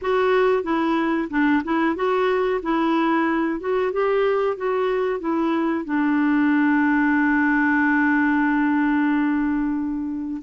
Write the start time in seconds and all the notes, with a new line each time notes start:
0.01 F#4
0.63 E4
1.30 D4
1.64 E4
1.95 F#4
2.62 E4
3.60 F#4
3.92 G4
4.57 F#4
5.20 E4
5.85 D4